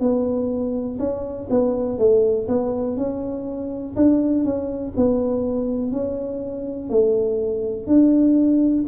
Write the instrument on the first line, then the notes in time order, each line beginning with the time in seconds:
tuba
0.00 B3
0.99 C#4
1.50 B3
1.99 A3
2.48 B3
2.97 C#4
3.96 D4
4.44 C#4
4.96 B3
5.92 C#4
6.89 A3
7.86 D4